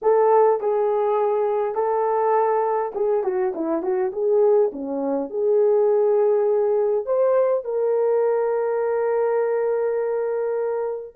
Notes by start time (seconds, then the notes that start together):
0.02 A4
0.60 G#4
1.74 A4
2.94 G#4
3.23 F#4
3.54 E4
3.82 F#4
4.12 G#4
4.72 C#4
5.30 G#4
7.05 C5
7.64 A#4